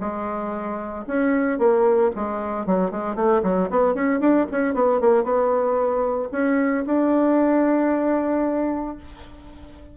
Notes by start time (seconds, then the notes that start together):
0.00 G#3
1.07 C#4
1.58 A#3
2.15 G#3
2.66 F#3
2.91 G#3
3.15 A3
3.43 F#3
3.70 B3
3.94 C#4
4.20 D4
4.51 C#4
4.74 B3
5.00 A#3
5.23 B3
6.31 C#4
6.86 D4